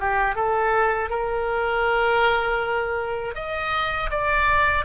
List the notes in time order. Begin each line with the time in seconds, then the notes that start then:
0.00 G4
0.35 A4
1.10 A#4
3.35 D#5
4.11 D5